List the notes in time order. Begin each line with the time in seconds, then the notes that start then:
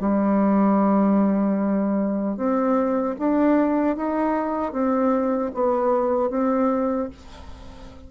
0.00 G3
2.36 C4
3.19 D4
3.96 D#4
4.72 C4
5.54 B3
6.30 C4